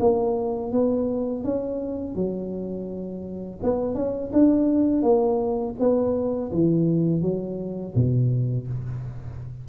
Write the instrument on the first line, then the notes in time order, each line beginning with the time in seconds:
tuba
0.00 A#3
0.72 B3
1.44 C#4
2.15 F#3
3.63 B3
3.95 C#4
4.33 D4
5.03 A#3
5.79 B3
6.52 E3
7.22 F#3
7.96 B2